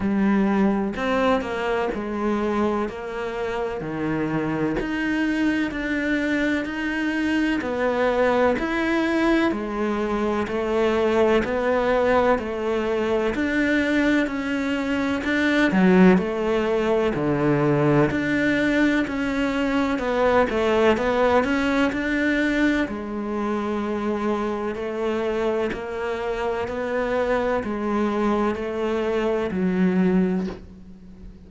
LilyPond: \new Staff \with { instrumentName = "cello" } { \time 4/4 \tempo 4 = 63 g4 c'8 ais8 gis4 ais4 | dis4 dis'4 d'4 dis'4 | b4 e'4 gis4 a4 | b4 a4 d'4 cis'4 |
d'8 fis8 a4 d4 d'4 | cis'4 b8 a8 b8 cis'8 d'4 | gis2 a4 ais4 | b4 gis4 a4 fis4 | }